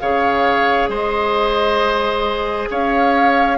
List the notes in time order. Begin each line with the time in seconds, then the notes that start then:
0.00 C#3 G#4 C#5 F5
0.89 G#3 C5 D#5
2.71 C#4 C#5 F5